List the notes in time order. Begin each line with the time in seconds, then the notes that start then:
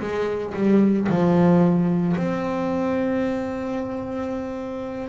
0.00 G#3
0.54 G3
1.09 F3
2.17 C4